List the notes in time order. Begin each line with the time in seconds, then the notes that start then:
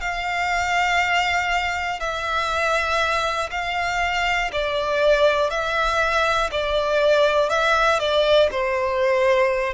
0.00 F5
2.00 E5
3.50 F5
4.52 D5
5.50 E5
6.51 D5
7.49 E5
7.99 D5
8.51 C5